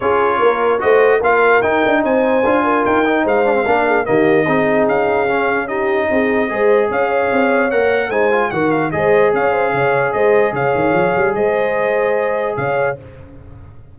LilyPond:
<<
  \new Staff \with { instrumentName = "trumpet" } { \time 4/4 \tempo 4 = 148 cis''2 dis''4 f''4 | g''4 gis''2 g''4 | f''2 dis''2 | f''2 dis''2~ |
dis''4 f''2 fis''4 | gis''4 fis''8 f''8 dis''4 f''4~ | f''4 dis''4 f''2 | dis''2. f''4 | }
  \new Staff \with { instrumentName = "horn" } { \time 4/4 gis'4 ais'4 c''4 ais'4~ | ais'4 c''4. ais'4. | c''4 ais'8 gis'8 g'4 gis'4~ | gis'2 g'4 gis'4 |
c''4 cis''2. | c''4 ais'4 c''4 cis''8 c''8 | cis''4 c''4 cis''2 | c''2. cis''4 | }
  \new Staff \with { instrumentName = "trombone" } { \time 4/4 f'2 fis'4 f'4 | dis'2 f'4. dis'8~ | dis'8 d'16 c'16 d'4 ais4 dis'4~ | dis'4 cis'4 dis'2 |
gis'2. ais'4 | dis'8 f'8 fis'4 gis'2~ | gis'1~ | gis'1 | }
  \new Staff \with { instrumentName = "tuba" } { \time 4/4 cis'4 ais4 a4 ais4 | dis'8 d'8 c'4 d'4 dis'4 | gis4 ais4 dis4 c'4 | cis'2. c'4 |
gis4 cis'4 c'4 ais4 | gis4 dis4 gis4 cis'4 | cis4 gis4 cis8 dis8 f8 g8 | gis2. cis4 | }
>>